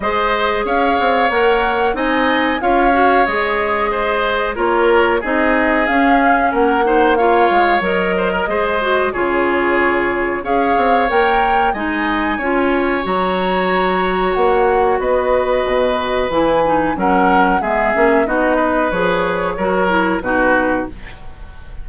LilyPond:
<<
  \new Staff \with { instrumentName = "flute" } { \time 4/4 \tempo 4 = 92 dis''4 f''4 fis''4 gis''4 | f''4 dis''2 cis''4 | dis''4 f''4 fis''4 f''4 | dis''2 cis''2 |
f''4 g''4 gis''2 | ais''2 fis''4 dis''4~ | dis''4 gis''4 fis''4 e''4 | dis''4 cis''2 b'4 | }
  \new Staff \with { instrumentName = "oboe" } { \time 4/4 c''4 cis''2 dis''4 | cis''2 c''4 ais'4 | gis'2 ais'8 c''8 cis''4~ | cis''8 c''16 ais'16 c''4 gis'2 |
cis''2 dis''4 cis''4~ | cis''2. b'4~ | b'2 ais'4 gis'4 | fis'8 b'4. ais'4 fis'4 | }
  \new Staff \with { instrumentName = "clarinet" } { \time 4/4 gis'2 ais'4 dis'4 | f'8 fis'8 gis'2 f'4 | dis'4 cis'4. dis'8 f'4 | ais'4 gis'8 fis'8 f'2 |
gis'4 ais'4 dis'4 f'4 | fis'1~ | fis'4 e'8 dis'8 cis'4 b8 cis'8 | dis'4 gis'4 fis'8 e'8 dis'4 | }
  \new Staff \with { instrumentName = "bassoon" } { \time 4/4 gis4 cis'8 c'8 ais4 c'4 | cis'4 gis2 ais4 | c'4 cis'4 ais4. gis8 | fis4 gis4 cis2 |
cis'8 c'8 ais4 gis4 cis'4 | fis2 ais4 b4 | b,4 e4 fis4 gis8 ais8 | b4 f4 fis4 b,4 | }
>>